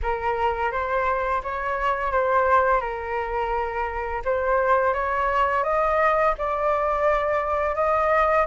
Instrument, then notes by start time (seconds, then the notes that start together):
flute
0.02 A#4
0.71 C5
1.43 C#5
2.11 C5
2.80 A#4
4.24 C5
4.93 C#5
5.63 D#5
6.38 D5
7.75 D#5